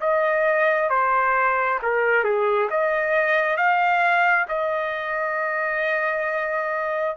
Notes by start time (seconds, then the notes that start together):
0.00 D#5
0.89 C5
1.82 A#4
2.24 G#4
2.70 D#5
3.56 F5
4.48 D#5